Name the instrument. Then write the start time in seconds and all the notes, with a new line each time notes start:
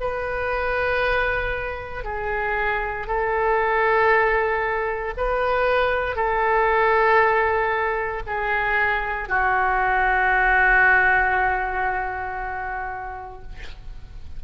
oboe
0.00 B4
2.04 G#4
3.07 A4
5.17 B4
6.16 A4
8.27 G#4
9.28 F#4